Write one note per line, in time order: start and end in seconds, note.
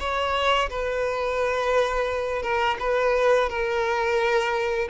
0.00 0.70 C#5
0.70 2.43 B4
2.43 2.78 A#4
2.80 3.49 B4
3.49 4.89 A#4